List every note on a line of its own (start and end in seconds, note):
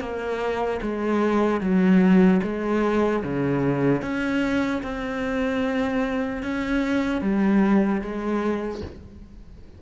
0.00 0.80 A#3
0.82 1.60 G#3
1.60 2.40 F#3
2.43 3.23 G#3
3.24 4.02 C#3
4.02 4.82 C#4
4.83 6.43 C4
6.43 7.21 C#4
7.21 8.01 G3
8.01 8.81 G#3